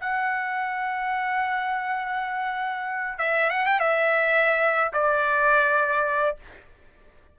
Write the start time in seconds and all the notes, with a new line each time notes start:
0.00 F#5
3.18 E5
3.49 F#5
3.66 G5
3.79 E5
4.93 D5